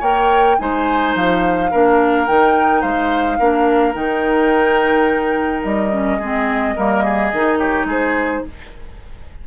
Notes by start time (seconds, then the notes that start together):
0.00 A#3 A#4 C#5 G5
0.59 G#3 D#4 C5 G#5
1.15 F3 F5
1.71 A#3 D4 A#4
2.27 D#3 D#4 G5
2.81 G#3 C5 F5
3.39 A#3 D4 A#4
3.94 D#3 D#4 G5
5.63 G3 D#5
5.92 C#4
6.19 G#3 C4 G#4
6.76 G3 A#3 A#4
7.04 G#4
7.32 D#3 D#4
7.59 G4 C#5
7.85 G#3 G#4 C5